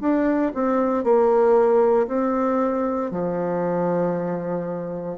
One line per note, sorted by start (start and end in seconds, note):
0.00 0.52 D4
0.55 1.04 C4
1.04 2.07 A#3
2.08 3.11 C4
3.11 5.18 F3